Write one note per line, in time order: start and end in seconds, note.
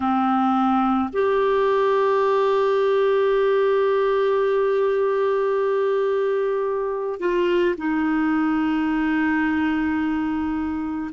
0.00 1.10 C4
1.12 7.19 G4
7.19 7.75 F4
7.77 11.11 D#4